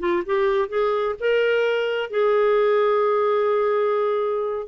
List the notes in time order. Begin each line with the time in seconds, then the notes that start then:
0.00 F4
0.26 G4
0.69 G#4
1.20 A#4
2.11 G#4